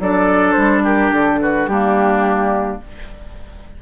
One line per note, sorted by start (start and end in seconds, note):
0.00 0.56 F#3
0.00 1.70 D4
0.00 0.84 A4
0.00 0.53 D5
0.53 1.12 G3
0.53 0.81 C5
0.84 1.40 G4
0.84 1.13 A#4
1.12 1.68 D3
1.12 1.41 A4
1.42 1.70 F#4
1.42 1.68 B4
1.68 2.80 G3
1.68 2.82 A#3
1.68 2.82 D4
1.68 2.80 G4